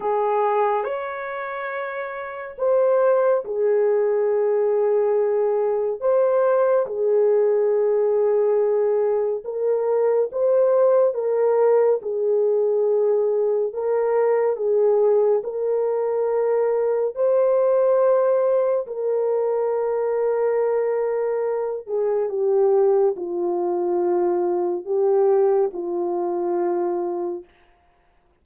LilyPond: \new Staff \with { instrumentName = "horn" } { \time 4/4 \tempo 4 = 70 gis'4 cis''2 c''4 | gis'2. c''4 | gis'2. ais'4 | c''4 ais'4 gis'2 |
ais'4 gis'4 ais'2 | c''2 ais'2~ | ais'4. gis'8 g'4 f'4~ | f'4 g'4 f'2 | }